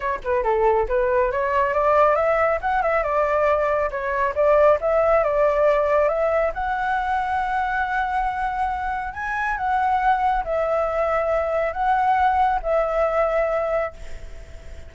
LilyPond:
\new Staff \with { instrumentName = "flute" } { \time 4/4 \tempo 4 = 138 cis''8 b'8 a'4 b'4 cis''4 | d''4 e''4 fis''8 e''8 d''4~ | d''4 cis''4 d''4 e''4 | d''2 e''4 fis''4~ |
fis''1~ | fis''4 gis''4 fis''2 | e''2. fis''4~ | fis''4 e''2. | }